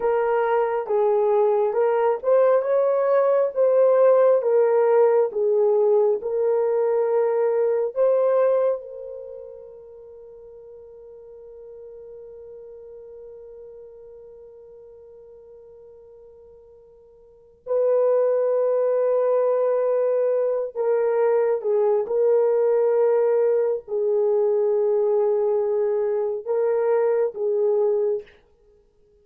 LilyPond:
\new Staff \with { instrumentName = "horn" } { \time 4/4 \tempo 4 = 68 ais'4 gis'4 ais'8 c''8 cis''4 | c''4 ais'4 gis'4 ais'4~ | ais'4 c''4 ais'2~ | ais'1~ |
ais'1 | b'2.~ b'8 ais'8~ | ais'8 gis'8 ais'2 gis'4~ | gis'2 ais'4 gis'4 | }